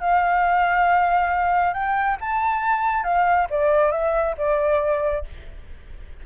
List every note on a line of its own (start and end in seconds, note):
0.00 1.74 F5
1.74 2.17 G5
2.21 3.04 A5
3.04 3.47 F5
3.50 3.92 D5
3.92 4.35 E5
4.38 5.25 D5